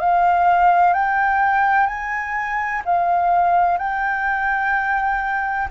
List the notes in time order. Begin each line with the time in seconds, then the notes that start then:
0.00 F5
0.94 G5
1.87 G#5
2.85 F5
3.78 G5